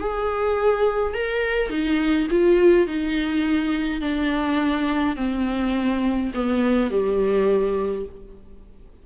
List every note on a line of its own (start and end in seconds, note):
0.00 1.14 G#4
1.14 1.70 A#4
1.70 2.28 D#4
2.31 2.87 F4
2.87 4.01 D#4
4.01 5.16 D4
5.16 6.32 C4
6.34 6.90 B3
6.90 8.06 G3